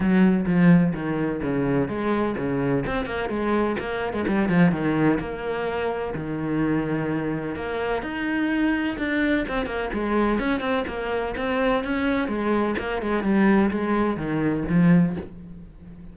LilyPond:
\new Staff \with { instrumentName = "cello" } { \time 4/4 \tempo 4 = 127 fis4 f4 dis4 cis4 | gis4 cis4 c'8 ais8 gis4 | ais8. gis16 g8 f8 dis4 ais4~ | ais4 dis2. |
ais4 dis'2 d'4 | c'8 ais8 gis4 cis'8 c'8 ais4 | c'4 cis'4 gis4 ais8 gis8 | g4 gis4 dis4 f4 | }